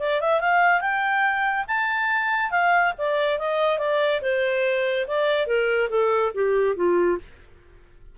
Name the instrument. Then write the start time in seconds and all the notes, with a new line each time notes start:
clarinet
0.00 D5
0.21 E5
0.41 F5
0.81 G5
1.68 A5
2.51 F5
2.98 D5
3.39 D#5
3.79 D5
4.22 C5
5.07 D5
5.47 A#4
5.90 A4
6.35 G4
6.76 F4